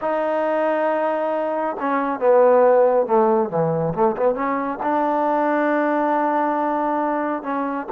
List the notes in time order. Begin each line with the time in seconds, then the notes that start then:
0.01 D#4
1.79 C#4
2.19 B3
3.06 A3
3.49 E3
3.94 A3
4.16 B3
4.35 C#4
4.83 D4
7.42 C#4